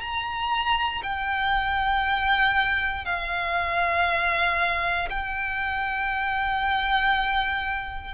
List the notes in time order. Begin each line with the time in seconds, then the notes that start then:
0.00 A#5
1.03 G5
3.05 F5
5.10 G5